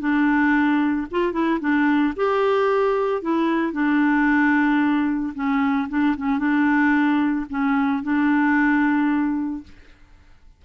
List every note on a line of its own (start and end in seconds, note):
0.00 1.07 D4
1.11 1.33 F4
1.33 1.60 E4
1.60 2.14 D4
2.16 3.22 G4
3.22 3.73 E4
3.73 5.34 D4
5.35 5.88 C#4
5.89 6.16 D4
6.17 6.38 C#4
6.38 7.46 D4
7.50 8.03 C#4
8.03 9.64 D4